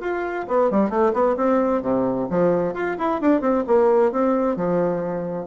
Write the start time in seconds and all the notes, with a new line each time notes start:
0.00 F4
0.48 B3
0.70 G3
0.90 A3
1.13 B3
1.36 C4
1.82 C3
2.29 F3
2.73 F4
2.98 E4
3.21 D4
3.41 C4
3.67 A#3
4.12 C4
4.56 F3